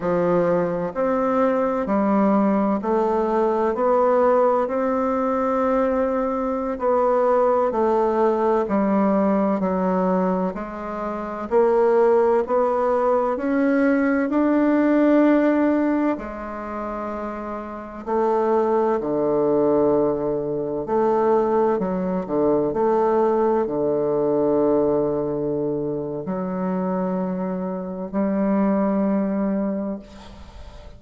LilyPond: \new Staff \with { instrumentName = "bassoon" } { \time 4/4 \tempo 4 = 64 f4 c'4 g4 a4 | b4 c'2~ c'16 b8.~ | b16 a4 g4 fis4 gis8.~ | gis16 ais4 b4 cis'4 d'8.~ |
d'4~ d'16 gis2 a8.~ | a16 d2 a4 fis8 d16~ | d16 a4 d2~ d8. | fis2 g2 | }